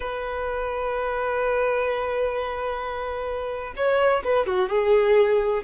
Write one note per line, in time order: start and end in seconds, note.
0.00 3.74 B4
3.76 4.23 C#5
4.24 4.46 B4
4.46 4.69 F#4
4.69 5.63 G#4